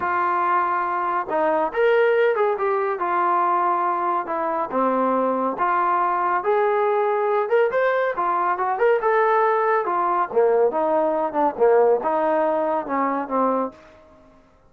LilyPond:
\new Staff \with { instrumentName = "trombone" } { \time 4/4 \tempo 4 = 140 f'2. dis'4 | ais'4. gis'8 g'4 f'4~ | f'2 e'4 c'4~ | c'4 f'2 gis'4~ |
gis'4. ais'8 c''4 f'4 | fis'8 ais'8 a'2 f'4 | ais4 dis'4. d'8 ais4 | dis'2 cis'4 c'4 | }